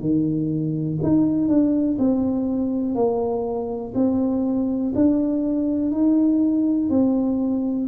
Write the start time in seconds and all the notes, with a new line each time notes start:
0.00 D#3
1.02 D#4
1.48 D4
1.99 C4
2.95 A#3
3.94 C4
4.95 D4
5.91 D#4
6.89 C4